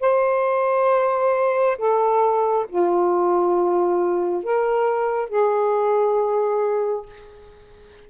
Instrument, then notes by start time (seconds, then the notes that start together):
saxophone
0.00 C5
1.78 A4
2.69 F4
4.43 A#4
5.29 G#4